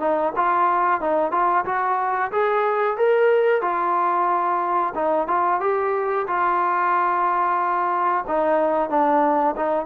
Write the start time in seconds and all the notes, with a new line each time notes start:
0.00 D#4
0.37 F4
1.01 D#4
1.32 F4
1.66 F#4
2.32 G#4
2.98 A#4
3.62 F4
4.95 D#4
5.28 F4
5.61 G4
6.28 F4
8.28 D#4
8.90 D4
9.57 D#4